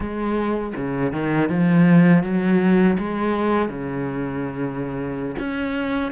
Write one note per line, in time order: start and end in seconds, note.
0.00 0.73 G#3
0.76 1.12 C#3
1.12 1.49 D#3
1.49 2.23 F3
2.23 2.97 F#3
2.98 3.68 G#3
3.68 5.35 C#3
5.38 6.11 C#4